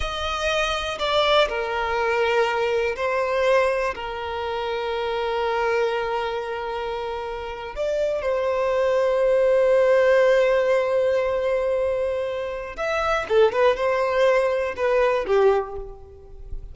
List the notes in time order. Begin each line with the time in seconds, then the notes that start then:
0.00 D#5
0.99 D5
1.48 A#4
2.96 C5
3.94 A#4
7.75 D5
8.21 C5
12.76 E5
13.28 A4
13.52 B4
13.76 C5
14.76 B4
15.26 G4